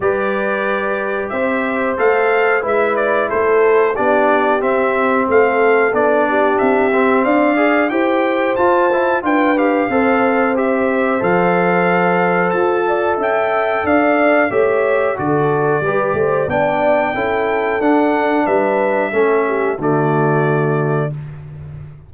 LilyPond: <<
  \new Staff \with { instrumentName = "trumpet" } { \time 4/4 \tempo 4 = 91 d''2 e''4 f''4 | e''8 d''8 c''4 d''4 e''4 | f''4 d''4 e''4 f''4 | g''4 a''4 g''8 f''4. |
e''4 f''2 a''4 | g''4 f''4 e''4 d''4~ | d''4 g''2 fis''4 | e''2 d''2 | }
  \new Staff \with { instrumentName = "horn" } { \time 4/4 b'2 c''2 | b'4 a'4 g'2 | a'4. g'4. d''4 | c''2 b'4 c''4~ |
c''2.~ c''8 d''8 | e''4 d''4 cis''4 a'4 | b'8 c''8 d''4 a'2 | b'4 a'8 g'8 fis'2 | }
  \new Staff \with { instrumentName = "trombone" } { \time 4/4 g'2. a'4 | e'2 d'4 c'4~ | c'4 d'4. c'4 gis'8 | g'4 f'8 e'8 f'8 g'8 a'4 |
g'4 a'2.~ | a'2 g'4 fis'4 | g'4 d'4 e'4 d'4~ | d'4 cis'4 a2 | }
  \new Staff \with { instrumentName = "tuba" } { \time 4/4 g2 c'4 a4 | gis4 a4 b4 c'4 | a4 b4 c'4 d'4 | e'4 f'4 d'4 c'4~ |
c'4 f2 f'4 | cis'4 d'4 a4 d4 | g8 a8 b4 cis'4 d'4 | g4 a4 d2 | }
>>